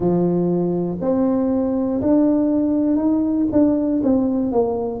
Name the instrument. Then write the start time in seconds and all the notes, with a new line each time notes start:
tuba
0.00 F3
1.00 C4
2.01 D4
2.96 D#4
3.52 D4
4.03 C4
4.51 A#3